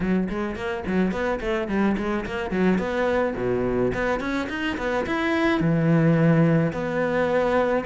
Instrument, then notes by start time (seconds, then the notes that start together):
cello
0.00 F#3
0.29 G#3
0.55 A#3
0.86 F#3
1.11 B3
1.40 A3
1.68 G3
1.97 G#3
2.25 A#3
2.50 F#3
2.78 B3
3.36 B2
3.94 B3
4.20 C#4
4.49 D#4
4.77 B3
5.06 E4
5.60 E3
6.72 B3